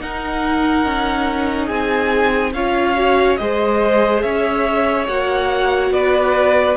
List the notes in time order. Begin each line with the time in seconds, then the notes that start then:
0.00 D#4 A#4 F#5
0.86 C#4
1.67 C4 G#4 G#5
2.54 C#4 F4 C#5 F5
2.96 F#4
3.37 G#3 G#4 C5 D#5
4.22 C#4 C#5 E5
5.08 A#3 F#4 F#5
5.91 B3 B4 D5